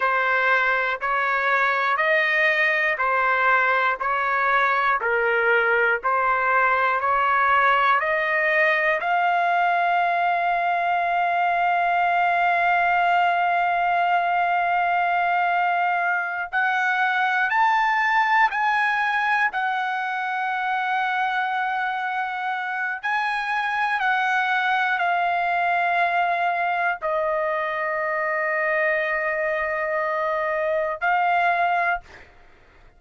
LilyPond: \new Staff \with { instrumentName = "trumpet" } { \time 4/4 \tempo 4 = 60 c''4 cis''4 dis''4 c''4 | cis''4 ais'4 c''4 cis''4 | dis''4 f''2.~ | f''1~ |
f''8 fis''4 a''4 gis''4 fis''8~ | fis''2. gis''4 | fis''4 f''2 dis''4~ | dis''2. f''4 | }